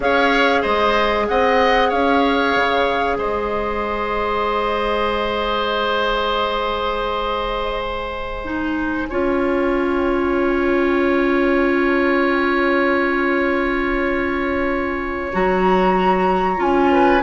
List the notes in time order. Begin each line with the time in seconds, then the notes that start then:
0.00 C#4 G#4 C#5 F5
0.61 G#3 C5 D#5
1.28 C4 D#5 F#5
1.89 C#4 C#5 F5
2.56 C#3
3.17 G#3 C5 D#5
7.81 G#5
8.44 D#4
9.09 C#4 F4 C#5
15.32 F#3 F#4 A#5
16.57 C#4 F4 G#5
16.92 B4